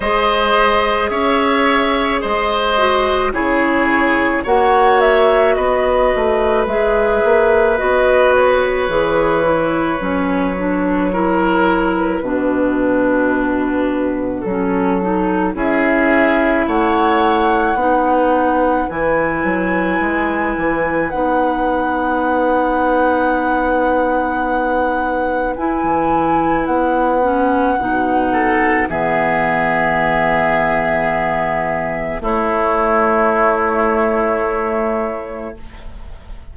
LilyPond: <<
  \new Staff \with { instrumentName = "flute" } { \time 4/4 \tempo 4 = 54 dis''4 e''4 dis''4 cis''4 | fis''8 e''8 dis''4 e''4 dis''8 cis''8~ | cis''2~ cis''8. b'4~ b'16~ | b'4 a'4 e''4 fis''4~ |
fis''4 gis''2 fis''4~ | fis''2. gis''4 | fis''2 e''2~ | e''4 cis''2. | }
  \new Staff \with { instrumentName = "oboe" } { \time 4/4 c''4 cis''4 c''4 gis'4 | cis''4 b'2.~ | b'2 ais'4 fis'4~ | fis'2 gis'4 cis''4 |
b'1~ | b'1~ | b'4. a'8 gis'2~ | gis'4 e'2. | }
  \new Staff \with { instrumentName = "clarinet" } { \time 4/4 gis'2~ gis'8 fis'8 e'4 | fis'2 gis'4 fis'4 | gis'8 e'8 cis'8 d'8 e'4 d'4~ | d'4 cis'8 dis'8 e'2 |
dis'4 e'2 dis'4~ | dis'2. e'4~ | e'8 cis'8 dis'4 b2~ | b4 a2. | }
  \new Staff \with { instrumentName = "bassoon" } { \time 4/4 gis4 cis'4 gis4 cis4 | ais4 b8 a8 gis8 ais8 b4 | e4 fis2 b,4~ | b,4 fis4 cis'4 a4 |
b4 e8 fis8 gis8 e8 b4~ | b2. e'16 e8. | b4 b,4 e2~ | e4 a2. | }
>>